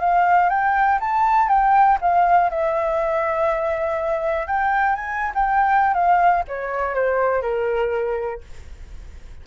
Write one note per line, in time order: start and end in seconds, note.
0.00 0.49 F5
0.49 0.99 G5
1.00 1.49 A5
1.49 1.98 G5
2.01 2.50 F5
2.50 4.47 E5
4.47 4.95 G5
4.95 5.32 G#5
5.35 5.94 G5
5.94 6.43 F5
6.48 6.95 C#5
6.95 7.42 C5
7.42 8.41 A#4